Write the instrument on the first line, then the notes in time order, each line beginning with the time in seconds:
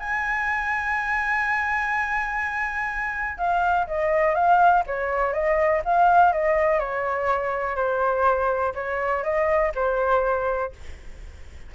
flute
0.00 G#5
3.38 F5
3.87 D#5
4.35 F5
4.87 C#5
5.33 D#5
5.85 F5
6.33 D#5
6.80 C#5
7.76 C5
8.75 C#5
9.24 D#5
9.75 C5